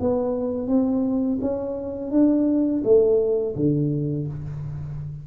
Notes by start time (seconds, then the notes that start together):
0.00 B3
0.68 C4
1.41 C#4
2.11 D4
2.84 A3
3.56 D3